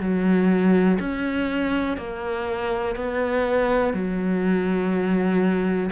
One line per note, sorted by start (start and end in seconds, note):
0.00 0.98 F#3
0.99 1.97 C#4
1.97 2.96 A#3
2.96 3.93 B3
3.93 5.90 F#3